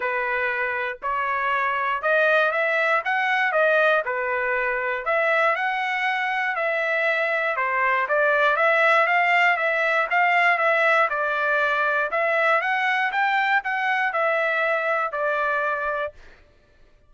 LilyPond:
\new Staff \with { instrumentName = "trumpet" } { \time 4/4 \tempo 4 = 119 b'2 cis''2 | dis''4 e''4 fis''4 dis''4 | b'2 e''4 fis''4~ | fis''4 e''2 c''4 |
d''4 e''4 f''4 e''4 | f''4 e''4 d''2 | e''4 fis''4 g''4 fis''4 | e''2 d''2 | }